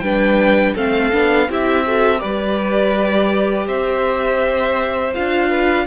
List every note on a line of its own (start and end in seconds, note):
0.00 0.74 G3
0.00 0.76 D4
0.00 0.75 B4
0.00 0.73 G5
0.75 1.13 A3
0.75 1.12 C4
0.75 1.48 A4
0.75 1.50 F5
1.12 1.49 B3
1.12 1.49 D4
1.49 2.22 C4
1.49 1.86 E4
1.49 1.86 G4
1.49 2.20 E5
1.86 2.18 F#4
1.86 2.21 A4
2.18 3.68 G3
2.18 5.11 G4
2.18 3.67 B4
2.18 3.67 D5
3.67 5.14 C4
3.67 5.50 C5
3.67 5.14 E5
5.14 5.87 D4
5.14 5.87 F4
5.14 5.87 F5
5.50 5.86 B4